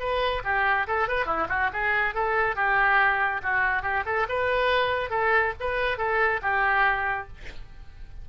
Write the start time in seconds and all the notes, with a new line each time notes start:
0.00 B4
0.45 G4
0.88 A4
1.09 B4
1.26 E4
1.50 F#4
1.73 G#4
2.15 A4
2.56 G4
3.43 F#4
3.83 G4
4.06 A4
4.29 B4
5.11 A4
5.60 B4
5.98 A4
6.42 G4